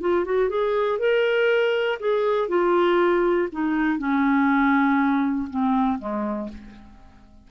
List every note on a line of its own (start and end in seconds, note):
0.00 0.24 F4
0.24 0.49 F#4
0.49 0.98 G#4
0.98 1.98 A#4
1.99 2.48 G#4
2.48 3.48 F4
3.52 3.98 D#4
3.98 5.48 C#4
5.50 5.98 C4
5.98 6.48 G#3